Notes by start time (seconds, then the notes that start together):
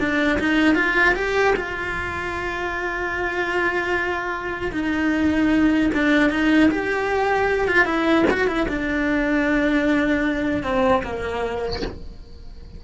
0.00 D4
0.39 D#4
0.75 F4
1.15 G4
1.56 F4
4.73 D#4
5.95 D4
6.31 D#4
6.71 G4
7.68 F4
7.86 E4
8.31 F#4
8.48 E4
8.69 D4
10.64 C4
11.04 A#3